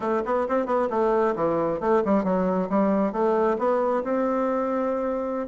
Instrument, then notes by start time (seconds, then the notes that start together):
bassoon
0.00 A3
0.25 B3
0.48 C4
0.66 B3
0.90 A3
1.35 E3
1.80 A3
2.05 G3
2.23 F#3
2.69 G3
3.12 A3
3.58 B3
4.03 C4